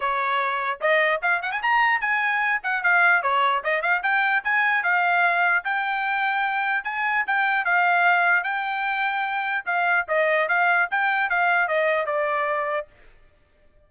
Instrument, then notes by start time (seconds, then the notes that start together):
trumpet
0.00 C#5
0.81 D#5
1.22 F5
1.42 F#5
1.51 G#5
1.62 A#5
2.00 G#5
2.63 F#5
2.83 F5
3.22 C#5
3.63 D#5
3.82 F5
4.02 G5
4.44 G#5
4.83 F5
5.64 G5
6.84 G#5
7.26 G5
7.64 F5
8.43 G5
9.65 F5
10.08 D#5
10.48 F5
10.90 G5
11.29 F5
11.68 D#5
12.06 D5